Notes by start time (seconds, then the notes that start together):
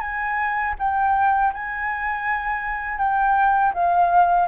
0.00 G#5
0.78 G5
1.53 G#5
2.98 G5
3.73 F5